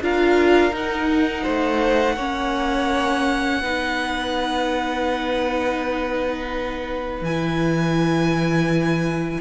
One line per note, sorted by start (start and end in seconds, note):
0.00 0.71 D4
0.00 0.71 F4
0.00 1.42 A#4
0.00 0.75 F5
0.71 1.43 D#4
0.71 2.16 D#4
0.71 7.24 F#5
1.42 2.16 A3
1.42 2.15 C5
2.16 3.60 A#3
2.16 3.62 C#4
2.16 3.60 C#5
3.60 7.21 B3
3.60 7.24 D#4
3.60 9.40 B4
7.21 9.38 E3
7.21 9.40 E4
7.21 9.40 G#5